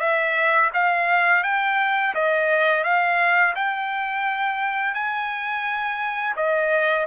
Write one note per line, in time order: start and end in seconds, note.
0.00 0.71 E5
0.74 1.44 F5
1.44 2.14 G5
2.15 2.84 D#5
2.84 3.55 F5
3.56 4.94 G5
4.94 6.36 G#5
6.37 7.07 D#5